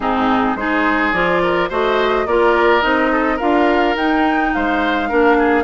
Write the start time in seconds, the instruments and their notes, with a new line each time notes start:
0.00 bassoon G#2, clarinet C4, oboe D#4, flute G#4
0.55 bassoon G#3, clarinet D#4, oboe G#4, flute C5
1.12 bassoon F3, clarinet F4, flute D5
1.42 oboe A#4
1.69 bassoon A3, clarinet F#4, oboe C5, flute D#5
2.26 bassoon A#3, clarinet F4, oboe A#4, flute D5
2.81 bassoon C4, clarinet D#4, flute D#5
3.12 oboe A4
3.35 bassoon D4, clarinet F4, oboe A#4, flute F5
3.95 bassoon D#4, clarinet D#4, flute G5
4.53 bassoon G#3, oboe C5, flute F5
5.08 bassoon A#3, clarinet D4, oboe A#4
5.38 oboe G#4